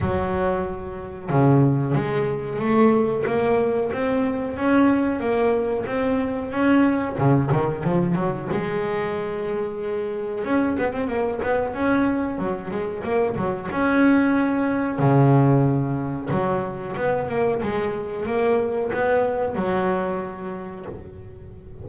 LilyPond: \new Staff \with { instrumentName = "double bass" } { \time 4/4 \tempo 4 = 92 fis2 cis4 gis4 | a4 ais4 c'4 cis'4 | ais4 c'4 cis'4 cis8 dis8 | f8 fis8 gis2. |
cis'8 b16 c'16 ais8 b8 cis'4 fis8 gis8 | ais8 fis8 cis'2 cis4~ | cis4 fis4 b8 ais8 gis4 | ais4 b4 fis2 | }